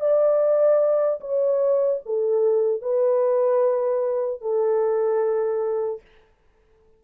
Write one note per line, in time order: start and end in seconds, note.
0.00 1.20 D5
1.20 2.00 C#5
2.05 2.81 A4
2.81 4.41 B4
4.41 6.01 A4